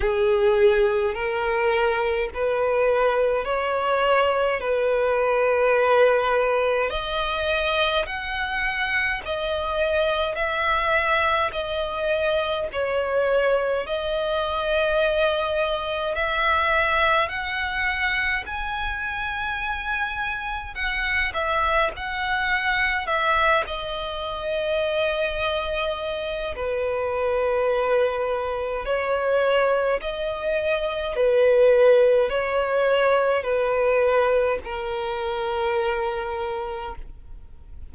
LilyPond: \new Staff \with { instrumentName = "violin" } { \time 4/4 \tempo 4 = 52 gis'4 ais'4 b'4 cis''4 | b'2 dis''4 fis''4 | dis''4 e''4 dis''4 cis''4 | dis''2 e''4 fis''4 |
gis''2 fis''8 e''8 fis''4 | e''8 dis''2~ dis''8 b'4~ | b'4 cis''4 dis''4 b'4 | cis''4 b'4 ais'2 | }